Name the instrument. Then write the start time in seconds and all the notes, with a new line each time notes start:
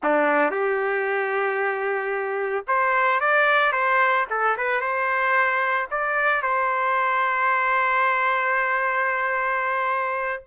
trumpet
0.03 D4
0.51 G4
2.67 C5
3.20 D5
3.72 C5
4.30 A4
4.57 B4
4.80 C5
5.91 D5
6.42 C5